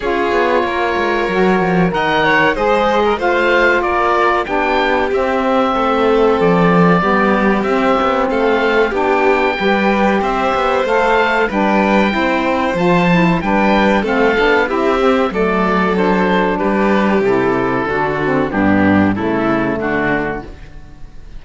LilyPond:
<<
  \new Staff \with { instrumentName = "oboe" } { \time 4/4 \tempo 4 = 94 cis''2. fis''4 | dis''4 f''4 d''4 g''4 | e''2 d''2 | e''4 f''4 g''2 |
e''4 f''4 g''2 | a''4 g''4 f''4 e''4 | d''4 c''4 b'4 a'4~ | a'4 g'4 a'4 fis'4 | }
  \new Staff \with { instrumentName = "violin" } { \time 4/4 gis'4 ais'2 dis''8 cis''8 | c''8. ais'16 c''4 ais'4 g'4~ | g'4 a'2 g'4~ | g'4 a'4 g'4 b'4 |
c''2 b'4 c''4~ | c''4 b'4 a'4 g'4 | a'2 g'2 | fis'4 d'4 e'4 d'4 | }
  \new Staff \with { instrumentName = "saxophone" } { \time 4/4 f'2 fis'4 ais'4 | gis'4 f'2 d'4 | c'2. b4 | c'2 d'4 g'4~ |
g'4 a'4 d'4 e'4 | f'8 e'8 d'4 c'8 d'8 e'8 c'8 | a4 d'2 e'4 | d'8 c'8 b4 a2 | }
  \new Staff \with { instrumentName = "cello" } { \time 4/4 cis'8 b8 ais8 gis8 fis8 f8 dis4 | gis4 a4 ais4 b4 | c'4 a4 f4 g4 | c'8 b8 a4 b4 g4 |
c'8 b8 a4 g4 c'4 | f4 g4 a8 b8 c'4 | fis2 g4 c4 | d4 g,4 cis4 d4 | }
>>